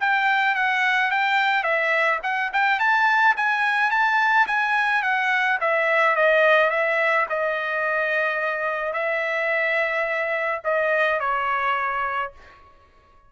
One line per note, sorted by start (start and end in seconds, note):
0.00 0.55 G5
0.55 1.11 F#5
1.11 1.63 G5
1.63 2.19 E5
2.23 2.51 F#5
2.53 2.79 G5
2.79 3.35 A5
3.36 3.90 G#5
3.90 4.46 A5
4.46 5.02 G#5
5.02 5.58 F#5
5.60 6.15 E5
6.15 6.70 D#5
6.70 7.26 E5
7.29 8.93 D#5
8.93 10.61 E5
10.64 11.19 D#5
11.19 12.32 C#5